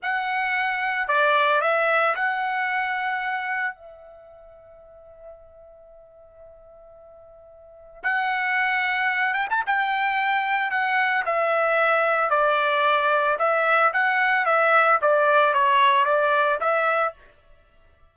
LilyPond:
\new Staff \with { instrumentName = "trumpet" } { \time 4/4 \tempo 4 = 112 fis''2 d''4 e''4 | fis''2. e''4~ | e''1~ | e''2. fis''4~ |
fis''4. g''16 a''16 g''2 | fis''4 e''2 d''4~ | d''4 e''4 fis''4 e''4 | d''4 cis''4 d''4 e''4 | }